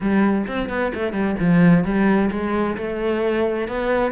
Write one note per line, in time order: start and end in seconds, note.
0.00 0.46 G3
0.47 0.69 C4
0.69 0.92 B3
0.94 1.12 A3
1.12 1.35 G3
1.39 1.84 F3
1.84 2.30 G3
2.30 2.76 G#3
2.77 3.68 A3
3.68 4.11 B3